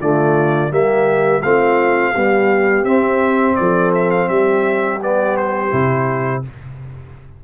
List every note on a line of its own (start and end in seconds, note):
0.00 0.71 D3
0.00 0.70 A3
0.00 0.70 F4
0.00 0.72 D5
0.70 1.42 G3
0.70 1.42 A#3
0.70 1.41 G4
0.70 1.42 E5
1.42 2.14 A3
1.42 2.15 C4
1.42 2.13 F4
1.42 2.85 F5
2.13 2.85 G3
2.13 2.85 B3
2.13 3.56 G4
2.85 3.56 C4
2.85 4.99 C4
2.85 3.56 E5
3.56 4.28 F3
3.56 4.29 A4
3.56 3.91 D5
3.95 4.11 E5
4.11 4.29 F5
4.28 5.71 G3
4.28 6.43 G4
4.28 5.00 E5
5.02 5.71 B3
5.02 5.37 D5
5.37 6.44 C5
5.71 6.44 C3
5.71 6.42 E4